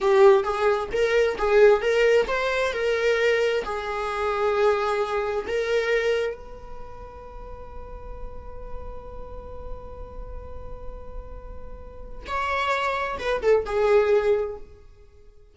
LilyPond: \new Staff \with { instrumentName = "viola" } { \time 4/4 \tempo 4 = 132 g'4 gis'4 ais'4 gis'4 | ais'4 c''4 ais'2 | gis'1 | ais'2 b'2~ |
b'1~ | b'1~ | b'2. cis''4~ | cis''4 b'8 a'8 gis'2 | }